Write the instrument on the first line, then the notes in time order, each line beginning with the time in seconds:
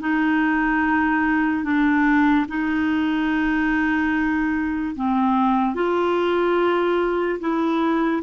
clarinet
0.00 D#4
1.64 D4
2.48 D#4
4.95 C4
5.75 F4
7.40 E4